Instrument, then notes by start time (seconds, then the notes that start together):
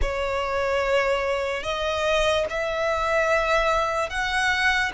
violin
0.01 C#5
1.63 D#5
2.49 E5
4.09 F#5